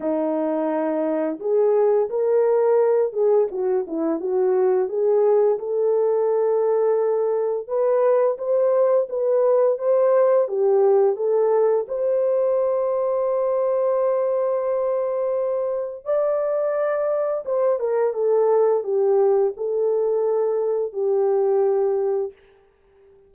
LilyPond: \new Staff \with { instrumentName = "horn" } { \time 4/4 \tempo 4 = 86 dis'2 gis'4 ais'4~ | ais'8 gis'8 fis'8 e'8 fis'4 gis'4 | a'2. b'4 | c''4 b'4 c''4 g'4 |
a'4 c''2.~ | c''2. d''4~ | d''4 c''8 ais'8 a'4 g'4 | a'2 g'2 | }